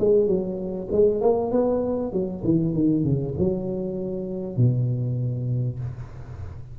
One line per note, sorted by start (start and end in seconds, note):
0.00 0.27 G#3
0.27 0.88 F#3
0.92 1.21 G#3
1.21 1.52 A#3
1.52 2.13 B3
2.13 2.43 F#3
2.44 2.74 E3
2.74 3.04 D#3
3.04 3.35 C#3
3.39 4.57 F#3
4.57 5.80 B2